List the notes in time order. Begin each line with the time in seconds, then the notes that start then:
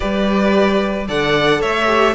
0.00 G3 G4 B4 D5
1.08 D3 A4 D5 F#5
1.60 A3 C#5 E5
1.86 G4